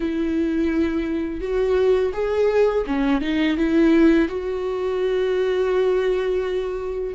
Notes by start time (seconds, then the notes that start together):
0.00 E4
1.41 F#4
2.13 G#4
2.86 C#4
3.21 D#4
3.57 E4
4.28 F#4